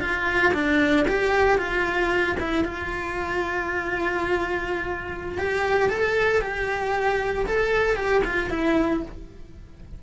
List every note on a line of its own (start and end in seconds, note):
0.00 0.52 F4
0.53 1.06 D4
1.08 1.58 G4
1.58 2.36 F4
2.39 2.64 E4
2.64 5.38 F4
5.38 5.89 G4
5.89 6.41 A4
6.41 7.46 G4
7.46 7.96 A4
7.96 8.22 G4
8.24 8.50 F4
8.50 9.02 E4